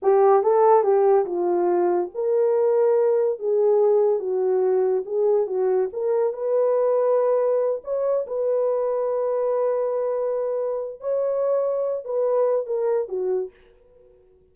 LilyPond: \new Staff \with { instrumentName = "horn" } { \time 4/4 \tempo 4 = 142 g'4 a'4 g'4 f'4~ | f'4 ais'2. | gis'2 fis'2 | gis'4 fis'4 ais'4 b'4~ |
b'2~ b'8 cis''4 b'8~ | b'1~ | b'2 cis''2~ | cis''8 b'4. ais'4 fis'4 | }